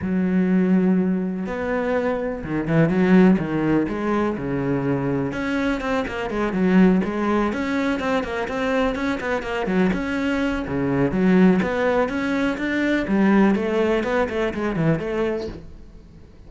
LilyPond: \new Staff \with { instrumentName = "cello" } { \time 4/4 \tempo 4 = 124 fis2. b4~ | b4 dis8 e8 fis4 dis4 | gis4 cis2 cis'4 | c'8 ais8 gis8 fis4 gis4 cis'8~ |
cis'8 c'8 ais8 c'4 cis'8 b8 ais8 | fis8 cis'4. cis4 fis4 | b4 cis'4 d'4 g4 | a4 b8 a8 gis8 e8 a4 | }